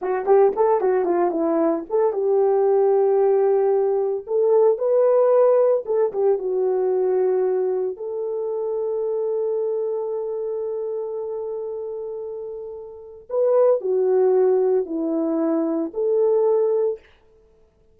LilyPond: \new Staff \with { instrumentName = "horn" } { \time 4/4 \tempo 4 = 113 fis'8 g'8 a'8 fis'8 f'8 e'4 a'8 | g'1 | a'4 b'2 a'8 g'8 | fis'2. a'4~ |
a'1~ | a'1~ | a'4 b'4 fis'2 | e'2 a'2 | }